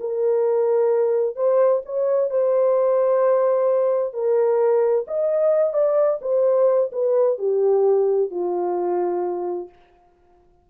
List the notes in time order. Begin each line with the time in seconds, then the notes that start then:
0.00 A#4
1.36 C5
1.85 C#5
2.30 C5
4.13 A#4
5.07 D#5
5.73 D5
6.21 C5
6.92 B4
7.38 G4
8.31 F4